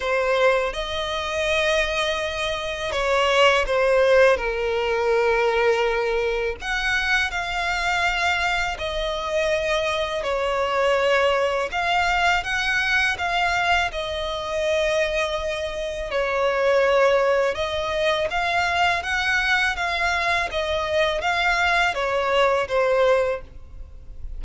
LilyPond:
\new Staff \with { instrumentName = "violin" } { \time 4/4 \tempo 4 = 82 c''4 dis''2. | cis''4 c''4 ais'2~ | ais'4 fis''4 f''2 | dis''2 cis''2 |
f''4 fis''4 f''4 dis''4~ | dis''2 cis''2 | dis''4 f''4 fis''4 f''4 | dis''4 f''4 cis''4 c''4 | }